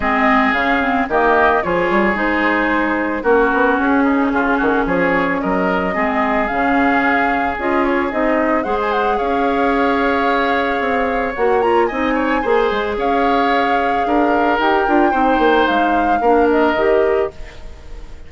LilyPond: <<
  \new Staff \with { instrumentName = "flute" } { \time 4/4 \tempo 4 = 111 dis''4 f''4 dis''4 cis''4 | c''2 ais'4 gis'4~ | gis'4 cis''4 dis''2 | f''2 dis''8 cis''8 dis''4 |
fis''16 gis''16 fis''8 f''2.~ | f''4 fis''8 ais''8 gis''2 | f''2. g''4~ | g''4 f''4. dis''4. | }
  \new Staff \with { instrumentName = "oboe" } { \time 4/4 gis'2 g'4 gis'4~ | gis'2 fis'4. dis'8 | f'8 fis'8 gis'4 ais'4 gis'4~ | gis'1 |
c''4 cis''2.~ | cis''2 dis''8 cis''8 c''4 | cis''2 ais'2 | c''2 ais'2 | }
  \new Staff \with { instrumentName = "clarinet" } { \time 4/4 c'4 cis'8 c'8 ais4 f'4 | dis'2 cis'2~ | cis'2. c'4 | cis'2 f'4 dis'4 |
gis'1~ | gis'4 fis'8 f'8 dis'4 gis'4~ | gis'2. g'8 f'8 | dis'2 d'4 g'4 | }
  \new Staff \with { instrumentName = "bassoon" } { \time 4/4 gis4 cis4 dis4 f8 g8 | gis2 ais8 b8 cis'4 | cis8 dis8 f4 fis4 gis4 | cis2 cis'4 c'4 |
gis4 cis'2. | c'4 ais4 c'4 ais8 gis8 | cis'2 d'4 dis'8 d'8 | c'8 ais8 gis4 ais4 dis4 | }
>>